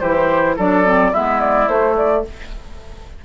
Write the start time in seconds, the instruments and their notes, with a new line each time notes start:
0.00 bassoon E3, clarinet E4, oboe G4, flute C5
0.56 bassoon F#3, clarinet D4, oboe A4, flute D5
0.85 clarinet C4
1.12 bassoon G#3, clarinet B3, oboe E4, flute E5
1.40 flute D5
1.68 bassoon A3, clarinet A3, flute C5
1.97 flute D5